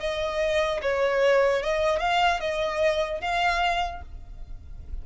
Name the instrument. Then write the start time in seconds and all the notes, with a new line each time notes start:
violin
0.00 D#5
0.82 C#5
1.63 D#5
2.00 F5
2.40 D#5
3.21 F5